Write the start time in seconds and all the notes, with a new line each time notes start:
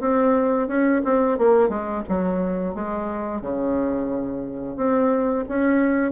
0.00 C4
0.67 C#4
1.04 C4
1.38 A#3
1.69 G#3
2.08 F#3
2.74 G#3
3.41 C#3
4.76 C4
5.48 C#4